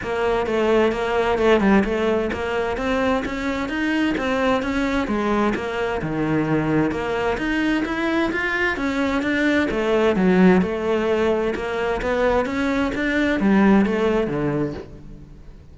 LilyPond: \new Staff \with { instrumentName = "cello" } { \time 4/4 \tempo 4 = 130 ais4 a4 ais4 a8 g8 | a4 ais4 c'4 cis'4 | dis'4 c'4 cis'4 gis4 | ais4 dis2 ais4 |
dis'4 e'4 f'4 cis'4 | d'4 a4 fis4 a4~ | a4 ais4 b4 cis'4 | d'4 g4 a4 d4 | }